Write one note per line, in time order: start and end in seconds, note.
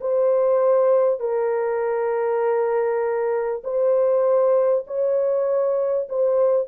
0.00 1.19 C5
1.19 3.62 A#4
3.63 4.85 C5
4.87 6.08 C#5
6.09 6.67 C5